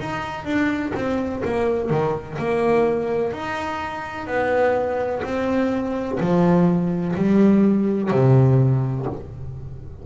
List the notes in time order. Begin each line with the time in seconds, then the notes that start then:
0.00 D#4
0.45 D4
0.94 C4
1.45 A#3
1.90 D#3
2.39 A#3
3.32 D#4
4.27 B3
5.23 C4
6.20 F3
7.16 G3
8.11 C3